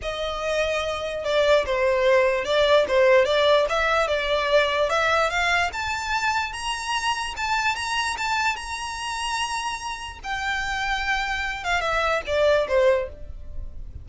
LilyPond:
\new Staff \with { instrumentName = "violin" } { \time 4/4 \tempo 4 = 147 dis''2. d''4 | c''2 d''4 c''4 | d''4 e''4 d''2 | e''4 f''4 a''2 |
ais''2 a''4 ais''4 | a''4 ais''2.~ | ais''4 g''2.~ | g''8 f''8 e''4 d''4 c''4 | }